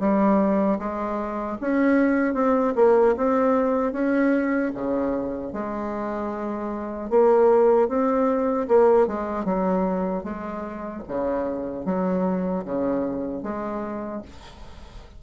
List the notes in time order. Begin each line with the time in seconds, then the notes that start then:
0.00 G3
0.79 G#3
1.61 C#4
2.34 C4
2.76 A#3
3.17 C4
3.93 C#4
4.75 C#3
5.53 G#3
7.11 A#3
7.89 C4
8.68 A#3
9.08 G#3
9.45 F#3
10.24 G#3
11.08 C#3
11.86 F#3
12.65 C#3
13.43 G#3